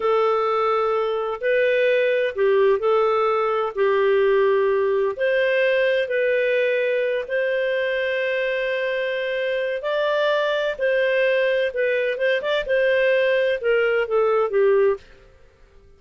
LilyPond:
\new Staff \with { instrumentName = "clarinet" } { \time 4/4 \tempo 4 = 128 a'2. b'4~ | b'4 g'4 a'2 | g'2. c''4~ | c''4 b'2~ b'8 c''8~ |
c''1~ | c''4 d''2 c''4~ | c''4 b'4 c''8 d''8 c''4~ | c''4 ais'4 a'4 g'4 | }